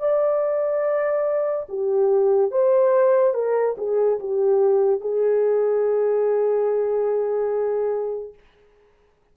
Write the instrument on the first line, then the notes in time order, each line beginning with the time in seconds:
horn
0.00 D5
1.69 G4
2.52 C5
3.34 A#4
3.78 G#4
4.20 G4
5.01 G#4